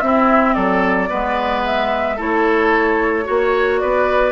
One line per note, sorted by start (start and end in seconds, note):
0.00 0.56 C4
0.00 1.09 C4
0.00 0.55 E4
0.00 0.54 E5
0.54 1.10 F#3
0.54 1.09 A4
0.54 1.62 D5
1.09 2.19 G#3
1.09 2.17 B3
1.09 2.16 B4
1.66 2.20 E5
2.16 3.27 A3
2.16 3.24 E4
2.16 3.25 A4
2.16 3.79 C#5
3.24 3.83 A#3
3.24 4.32 F#4
3.24 3.81 C#5
3.79 4.32 B3
3.79 4.32 B4
3.79 4.32 D5